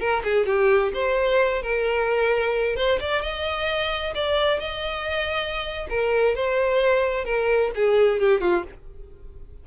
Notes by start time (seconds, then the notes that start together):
0.00 A#4
0.24 G#4
0.46 G4
0.94 C5
1.62 A#4
2.76 C5
3.00 D5
3.22 D#5
4.15 D5
4.60 D#5
5.90 A#4
6.35 C5
7.25 A#4
7.75 G#4
8.19 G4
8.41 F4